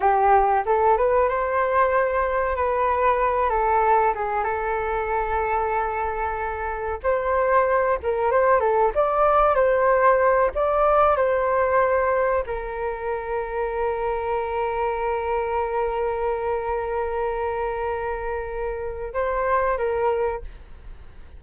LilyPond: \new Staff \with { instrumentName = "flute" } { \time 4/4 \tempo 4 = 94 g'4 a'8 b'8 c''2 | b'4. a'4 gis'8 a'4~ | a'2. c''4~ | c''8 ais'8 c''8 a'8 d''4 c''4~ |
c''8 d''4 c''2 ais'8~ | ais'1~ | ais'1~ | ais'2 c''4 ais'4 | }